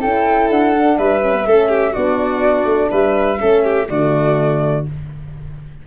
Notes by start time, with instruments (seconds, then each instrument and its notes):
0.00 tuba C#4, horn E4, violin A4, flute G5
0.49 tuba D4, flute F#5
0.74 horn D4
0.98 tuba G3, violin B4, flute E5
1.21 horn C#4
1.33 horn B3
1.46 tuba A3, horn C#4, violin A4
1.68 violin G4
1.92 tuba B3, horn D4, violin F#4, flute D5
2.65 tuba A3
2.90 tuba G3, violin B4, flute E5
3.37 tuba A3, horn C#4, violin A4
3.64 violin G4
3.88 tuba D3, horn A3, violin F#4, flute D5